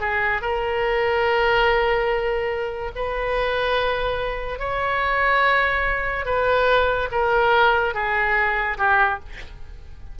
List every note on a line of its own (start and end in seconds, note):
0.00 0.41 G#4
0.41 2.91 A#4
2.95 4.59 B4
4.59 6.25 C#5
6.25 7.09 B4
7.11 7.94 A#4
7.94 8.77 G#4
8.77 9.19 G4